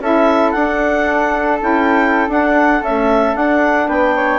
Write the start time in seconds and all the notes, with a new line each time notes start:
0.00 C#4 E4 A4 E5
0.51 D4 F#5
1.61 C#4 E4 G5
2.28 D4 F#5
2.82 A3 C#4 E5
3.35 D4 F#5
3.87 B3 B4 G5
4.16 C#5